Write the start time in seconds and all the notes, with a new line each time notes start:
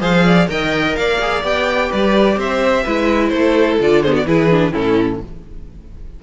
0.00 F3 G#4 C5 F5
0.24 D5
0.48 D#3 A#4 D#5 G5
0.95 A#3 D5 F5
1.21 G#4
1.42 B3 G4 G5
1.89 G3 B4 D5
2.37 C4 C5 E5
2.83 G#3 E4 B4
3.29 A3 A4 C5
3.80 D3 F4 D5
4.03 B3 G#4 C5
4.12 F#4 D5
4.25 E3 E4 G#4 B4
4.50 D4
4.72 A2 C#4 E4 A4